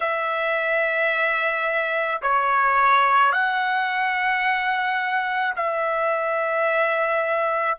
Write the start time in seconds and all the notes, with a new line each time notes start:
0.00 E5
2.22 C#5
3.32 F#5
5.56 E5